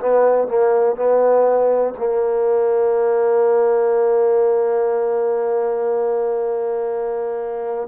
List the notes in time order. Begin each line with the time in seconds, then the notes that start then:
0.00 B3
0.48 A#3
0.96 B3
1.98 A#3